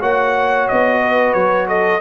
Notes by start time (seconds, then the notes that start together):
0.00 A#3 F#4 C#5 F#5
0.68 B3 D#5
1.02 B4
1.33 F#3 C#5
1.68 A4 D#5